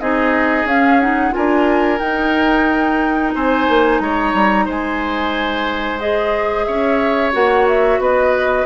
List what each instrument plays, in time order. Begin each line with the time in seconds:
0.00 bassoon C4, clarinet D#4, oboe G#4, flute D#5
0.64 bassoon C#4, clarinet C#4, flute F5
1.00 clarinet D#4, flute F#5
1.31 bassoon D4, clarinet F4, oboe A#4, flute G#5
1.99 clarinet D#4, bassoon D#4, flute G5
3.35 bassoon C4, oboe C5, flute G#5
3.69 bassoon A#3
4.00 bassoon G#3, oboe C#5, flute A#5
4.33 bassoon G3
4.65 bassoon G#3, oboe C5, flute G#5
6.00 clarinet G#4, flute D#5
6.65 bassoon C#4, oboe C#5, flute E5
7.32 bassoon A#3, clarinet F#4, flute F#5
7.68 flute E5
7.99 bassoon B3, oboe B4, flute D#5